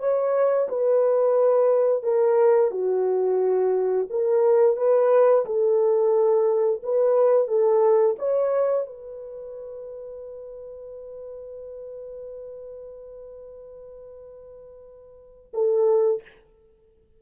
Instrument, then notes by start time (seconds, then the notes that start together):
horn
0.00 C#5
0.69 B4
2.03 A#4
2.71 F#4
4.10 A#4
4.77 B4
5.46 A4
6.84 B4
7.48 A4
8.19 C#5
8.87 B4
15.54 A4